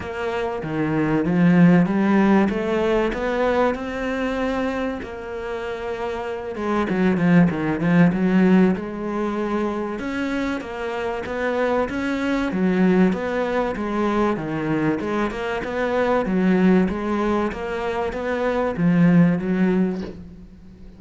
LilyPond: \new Staff \with { instrumentName = "cello" } { \time 4/4 \tempo 4 = 96 ais4 dis4 f4 g4 | a4 b4 c'2 | ais2~ ais8 gis8 fis8 f8 | dis8 f8 fis4 gis2 |
cis'4 ais4 b4 cis'4 | fis4 b4 gis4 dis4 | gis8 ais8 b4 fis4 gis4 | ais4 b4 f4 fis4 | }